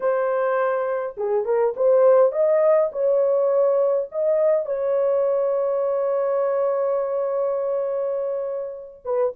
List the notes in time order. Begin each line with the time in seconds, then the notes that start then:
0.00 C5
1.17 G#4
1.45 A#4
1.76 C5
2.31 D#5
2.92 C#5
4.11 D#5
4.65 C#5
9.04 B4